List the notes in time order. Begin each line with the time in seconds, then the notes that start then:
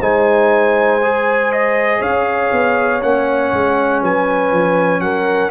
0.00 G#3 D#4 C5 G#5
1.02 G#4
1.52 D#5
1.99 C#4 C#5 F5
2.51 B3
3.01 A#3 C#4 F#5
3.52 G#3
4.01 F#3 B4 G#5
4.51 F3
4.99 F#3 A#4 F#5